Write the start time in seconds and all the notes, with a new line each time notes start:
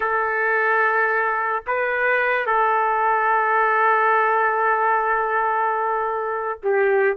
0.00 A4
1.66 B4
2.46 A4
6.62 G4